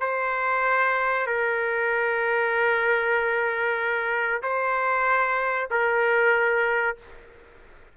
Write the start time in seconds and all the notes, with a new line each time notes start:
0.00 C5
1.27 A#4
4.43 C5
5.70 A#4